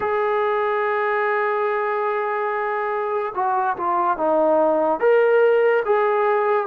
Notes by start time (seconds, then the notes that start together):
0.00 G#4
3.34 F#4
3.77 F4
4.17 D#4
5.00 A#4
5.85 G#4